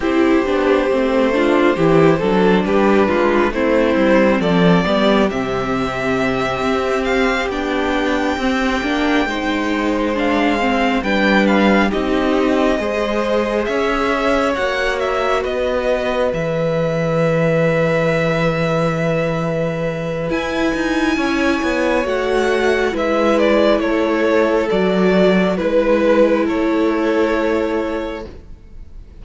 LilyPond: <<
  \new Staff \with { instrumentName = "violin" } { \time 4/4 \tempo 4 = 68 c''2. b'4 | c''4 d''4 e''2 | f''8 g''2. f''8~ | f''8 g''8 f''8 dis''2 e''8~ |
e''8 fis''8 e''8 dis''4 e''4.~ | e''2. gis''4~ | gis''4 fis''4 e''8 d''8 cis''4 | d''4 b'4 cis''2 | }
  \new Staff \with { instrumentName = "violin" } { \time 4/4 g'4. f'8 g'8 a'8 g'8 f'8 | e'4 a'8 g'2~ g'8~ | g'2~ g'8 c''4.~ | c''8 b'4 g'4 c''4 cis''8~ |
cis''4. b'2~ b'8~ | b'1 | cis''2 b'4 a'4~ | a'4 b'4 a'2 | }
  \new Staff \with { instrumentName = "viola" } { \time 4/4 e'8 d'8 c'8 d'8 e'8 d'4. | c'4. b8 c'2~ | c'8 d'4 c'8 d'8 dis'4 d'8 | c'8 d'4 dis'4 gis'4.~ |
gis'8 fis'2 gis'4.~ | gis'2. e'4~ | e'4 fis'4 e'2 | fis'4 e'2. | }
  \new Staff \with { instrumentName = "cello" } { \time 4/4 c'8 b8 a4 e8 fis8 g8 gis8 | a8 g8 f8 g8 c4. c'8~ | c'8 b4 c'8 ais8 gis4.~ | gis8 g4 c'4 gis4 cis'8~ |
cis'8 ais4 b4 e4.~ | e2. e'8 dis'8 | cis'8 b8 a4 gis4 a4 | fis4 gis4 a2 | }
>>